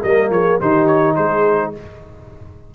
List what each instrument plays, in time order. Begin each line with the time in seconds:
0.00 tuba G3, trombone A#3, horn A#4, trumpet D#5
0.29 tuba F3, horn G#4, trumpet C#5
0.59 tuba D#3, trombone D#4, horn G4, trumpet C5
0.86 trumpet C#5
1.15 tuba G#3, horn G#4, trumpet C5